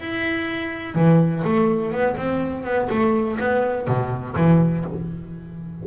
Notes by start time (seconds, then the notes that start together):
0.00 E4
0.95 E3
1.44 A3
1.92 B3
2.16 C4
2.64 B3
2.89 A3
3.39 B3
3.87 B2
4.36 E3